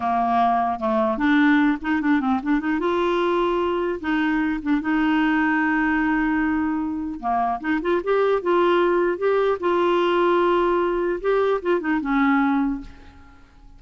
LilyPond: \new Staff \with { instrumentName = "clarinet" } { \time 4/4 \tempo 4 = 150 ais2 a4 d'4~ | d'8 dis'8 d'8 c'8 d'8 dis'8 f'4~ | f'2 dis'4. d'8 | dis'1~ |
dis'2 ais4 dis'8 f'8 | g'4 f'2 g'4 | f'1 | g'4 f'8 dis'8 cis'2 | }